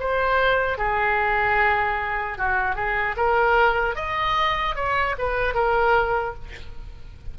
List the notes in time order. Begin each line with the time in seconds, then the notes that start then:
0.00 C5
0.78 G#4
2.38 F#4
2.76 G#4
3.17 A#4
3.96 D#5
4.76 C#5
5.19 B4
5.55 A#4